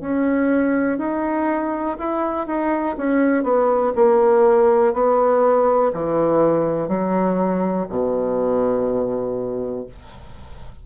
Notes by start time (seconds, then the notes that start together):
0.00 C#4
0.98 D#4
1.98 E4
2.46 D#4
2.97 C#4
3.43 B3
3.95 A#3
4.93 B3
5.93 E3
6.88 F#3
7.89 B2